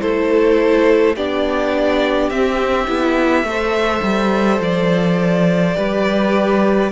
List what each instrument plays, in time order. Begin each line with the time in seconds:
0.00 cello A3, viola E4, violin A4 C5
1.16 cello B3, viola D4, violin G4 D5
2.30 cello C4, viola C4, violin E5
2.88 cello B3, viola E4
3.44 cello A3, viola A4, violin C5
4.03 cello G3
4.61 cello F3, violin D5
5.75 cello G3, viola G4, violin B4